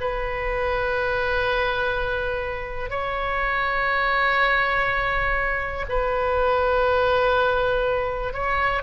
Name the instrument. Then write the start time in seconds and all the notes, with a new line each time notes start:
oboe
0.00 B4
2.90 C#5
5.88 B4
8.33 C#5